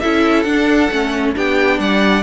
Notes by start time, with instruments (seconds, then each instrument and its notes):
0.00 cello C#4, viola E4, violin A4 E5
0.43 cello D4, viola D4, violin F#5
0.92 cello A3, viola C#4
1.36 cello B3, viola D4, violin G4 G5
1.79 cello G3, violin D5 F#5